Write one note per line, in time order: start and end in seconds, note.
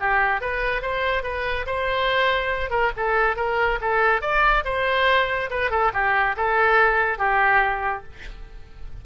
0.00 0.41 G4
0.41 0.82 B4
0.82 1.23 C5
1.23 1.66 B4
1.66 2.70 C5
2.70 2.92 A#4
2.97 3.37 A4
3.37 3.79 A#4
3.81 4.22 A4
4.22 4.64 D5
4.65 5.50 C5
5.50 5.71 B4
5.71 5.92 A4
5.94 6.36 G4
6.37 7.19 A4
7.19 8.04 G4